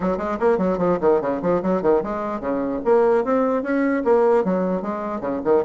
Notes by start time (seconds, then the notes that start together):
0.00 F#3
0.17 G#3
0.39 A#3
0.57 F#3
0.78 F3
1.00 D#3
1.21 C#3
1.41 F3
1.62 F#3
1.82 D#3
2.03 G#3
2.40 C#3
2.84 A#3
3.24 C4
3.62 C#4
4.04 A#3
4.44 F#3
4.82 G#3
5.20 C#3
5.44 D#3